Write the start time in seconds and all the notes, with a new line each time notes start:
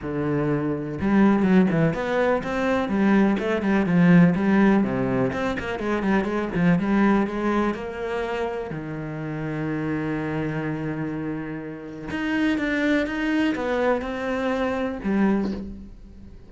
0.02 D3
1.00 G3
1.42 F#3
1.71 E3
1.94 B3
2.43 C4
2.88 G3
3.39 A3
3.62 G3
3.86 F3
4.35 G3
4.83 C3
5.32 C4
5.59 A#3
5.79 G#3
6.02 G3
6.24 G#3
6.54 F3
6.78 G3
7.26 G#3
7.74 A#3
8.70 D#3
12.10 D#4
12.58 D4
13.06 D#4
13.55 B3
14.01 C4
15.03 G3